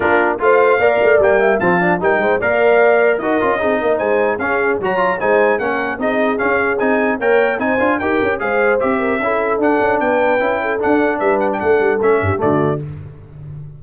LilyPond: <<
  \new Staff \with { instrumentName = "trumpet" } { \time 4/4 \tempo 4 = 150 ais'4 f''2 g''4 | a''4 g''4 f''2 | dis''2 gis''4 f''4 | ais''4 gis''4 fis''4 dis''4 |
f''4 gis''4 g''4 gis''4 | g''4 f''4 e''2 | fis''4 g''2 fis''4 | e''8 fis''16 g''16 fis''4 e''4 d''4 | }
  \new Staff \with { instrumentName = "horn" } { \time 4/4 f'4 c''4 d''4. e''8 | f''4 ais'8 c''8 d''2 | ais'4 gis'8 ais'8 c''4 gis'4 | cis''4 c''4 ais'4 gis'4~ |
gis'2 cis''4 c''4 | ais'4 c''4. ais'8 a'4~ | a'4 b'4. a'4. | b'4 a'4. g'8 fis'4 | }
  \new Staff \with { instrumentName = "trombone" } { \time 4/4 d'4 f'4 ais'4 ais4 | c'8 d'8 dis'4 ais'2 | fis'8 f'8 dis'2 cis'4 | fis'8 f'8 dis'4 cis'4 dis'4 |
cis'4 dis'4 ais'4 dis'8 f'8 | g'4 gis'4 g'4 e'4 | d'2 e'4 d'4~ | d'2 cis'4 a4 | }
  \new Staff \with { instrumentName = "tuba" } { \time 4/4 ais4 a4 ais8 a8 g4 | f4 g8 gis8 ais2 | dis'8 cis'8 c'8 ais8 gis4 cis'4 | fis4 gis4 ais4 c'4 |
cis'4 c'4 ais4 c'8 d'8 | dis'8 cis'8 gis4 c'4 cis'4 | d'8 cis'8 b4 cis'4 d'4 | g4 a8 g8 a8 g,8 d4 | }
>>